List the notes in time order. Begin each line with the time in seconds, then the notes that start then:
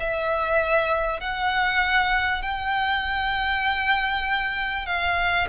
0.00 E5
1.21 F#5
2.43 G5
4.87 F5